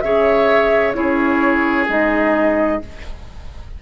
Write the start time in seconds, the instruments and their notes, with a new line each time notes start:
0.00 bassoon C#3, clarinet G#4, oboe C#5, flute E5
0.93 bassoon C#4, clarinet E4, oboe G#4, flute C#5
1.87 bassoon G#3, clarinet D#4, flute D#5